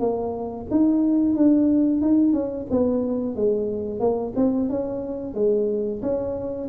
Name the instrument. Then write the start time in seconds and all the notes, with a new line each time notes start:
tuba
0.00 A#3
0.71 D#4
1.36 D4
2.02 D#4
2.33 C#4
2.71 B3
3.36 G#3
4.00 A#3
4.36 C4
4.70 C#4
5.35 G#3
6.02 C#4